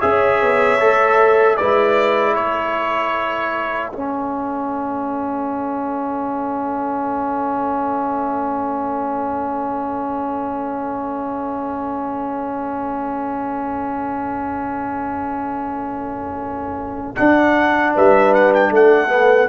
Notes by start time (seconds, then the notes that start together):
0.00 C#4 G#4 C#5 E5
0.42 B3
0.79 A3 A4
1.56 G#3 E4 B4 D5
2.33 A3 A4 C#5
3.90 C#4 E5
17.15 D4 F#5
17.94 G3 B4 E5
18.34 F#5
18.54 G5
18.70 A3 A4 F#5
19.08 B3